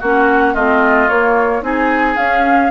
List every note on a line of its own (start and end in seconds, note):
0.00 0.55 A#3
0.00 0.56 C#4
0.00 0.54 F#4
0.00 0.55 F#5
0.54 1.09 A3
0.54 1.09 C4
0.54 1.62 F4
0.54 1.09 D#5
1.09 1.62 A#3
1.09 1.63 C#5
1.62 2.17 C4
1.62 2.16 D#4
1.62 2.71 G#4
1.62 2.17 G#5
2.17 2.71 C#4
2.17 2.71 F5